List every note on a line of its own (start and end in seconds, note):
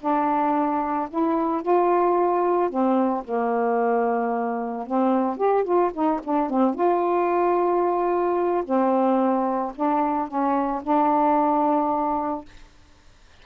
0.00 1.08 D4
1.10 1.62 E4
1.62 2.70 F4
2.70 3.24 C4
3.24 4.86 A#3
4.86 5.37 C4
5.37 5.64 G4
5.64 5.91 F4
5.93 6.20 D#4
6.23 6.49 D4
6.49 6.74 C4
6.74 8.63 F4
8.64 9.72 C4
9.75 10.27 D4
10.27 10.81 C#4
10.83 12.45 D4